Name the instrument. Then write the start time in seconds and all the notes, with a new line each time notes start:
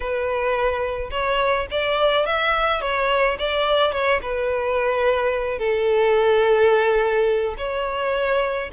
violin
0.00 B4
1.11 C#5
1.70 D5
2.26 E5
2.81 C#5
3.38 D5
3.92 C#5
4.22 B4
5.58 A4
7.57 C#5